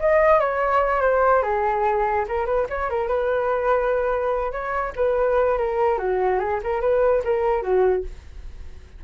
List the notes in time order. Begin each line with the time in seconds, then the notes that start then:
0.00 D#5
0.40 C#5
1.02 C5
1.43 G#4
2.28 A#4
2.46 B4
2.69 C#5
2.90 A#4
3.08 B4
4.52 C#5
4.96 B4
5.58 A#4
5.98 F#4
6.40 G#4
6.63 A#4
6.81 B4
7.24 A#4
7.62 F#4